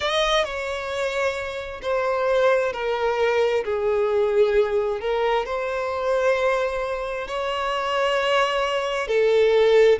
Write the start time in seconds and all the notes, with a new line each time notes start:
0.00 D#5
0.44 C#5
1.81 C5
2.73 A#4
3.64 G#4
5.00 A#4
5.45 C5
7.27 C#5
9.07 A4